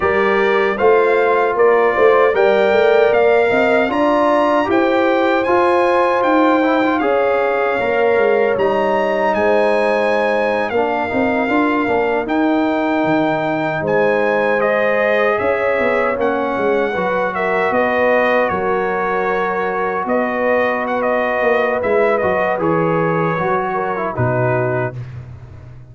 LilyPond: <<
  \new Staff \with { instrumentName = "trumpet" } { \time 4/4 \tempo 4 = 77 d''4 f''4 d''4 g''4 | f''4 ais''4 g''4 gis''4 | g''4 f''2 ais''4 | gis''4.~ gis''16 f''2 g''16~ |
g''4.~ g''16 gis''4 dis''4 e''16~ | e''8. fis''4. e''8 dis''4 cis''16~ | cis''4.~ cis''16 dis''4 fis''16 dis''4 | e''8 dis''8 cis''2 b'4 | }
  \new Staff \with { instrumentName = "horn" } { \time 4/4 ais'4 c''4 ais'8 c''8 d''4~ | d''8 dis''8 d''4 c''2~ | c''4 cis''2. | c''4.~ c''16 ais'2~ ais'16~ |
ais'4.~ ais'16 c''2 cis''16~ | cis''4.~ cis''16 b'8 ais'8 b'4 ais'16~ | ais'4.~ ais'16 b'2~ b'16~ | b'2~ b'8 ais'8 fis'4 | }
  \new Staff \with { instrumentName = "trombone" } { \time 4/4 g'4 f'2 ais'4~ | ais'4 f'4 g'4 f'4~ | f'8 e'16 f'16 gis'4 ais'4 dis'4~ | dis'4.~ dis'16 d'8 dis'8 f'8 d'8 dis'16~ |
dis'2~ dis'8. gis'4~ gis'16~ | gis'8. cis'4 fis'2~ fis'16~ | fis'1 | e'8 fis'8 gis'4 fis'8. e'16 dis'4 | }
  \new Staff \with { instrumentName = "tuba" } { \time 4/4 g4 a4 ais8 a8 g8 a8 | ais8 c'8 d'4 e'4 f'4 | dis'4 cis'4 ais8 gis8 g4 | gis4.~ gis16 ais8 c'8 d'8 ais8 dis'16~ |
dis'8. dis4 gis2 cis'16~ | cis'16 b8 ais8 gis8 fis4 b4 fis16~ | fis4.~ fis16 b4.~ b16 ais8 | gis8 fis8 e4 fis4 b,4 | }
>>